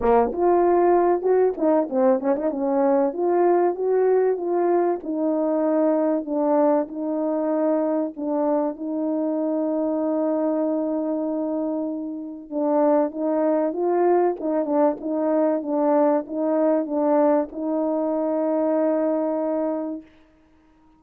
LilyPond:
\new Staff \with { instrumentName = "horn" } { \time 4/4 \tempo 4 = 96 ais8 f'4. fis'8 dis'8 c'8 cis'16 dis'16 | cis'4 f'4 fis'4 f'4 | dis'2 d'4 dis'4~ | dis'4 d'4 dis'2~ |
dis'1 | d'4 dis'4 f'4 dis'8 d'8 | dis'4 d'4 dis'4 d'4 | dis'1 | }